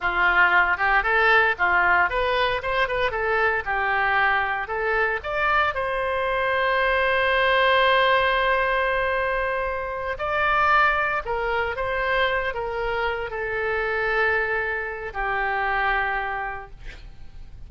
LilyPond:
\new Staff \with { instrumentName = "oboe" } { \time 4/4 \tempo 4 = 115 f'4. g'8 a'4 f'4 | b'4 c''8 b'8 a'4 g'4~ | g'4 a'4 d''4 c''4~ | c''1~ |
c''2.~ c''8 d''8~ | d''4. ais'4 c''4. | ais'4. a'2~ a'8~ | a'4 g'2. | }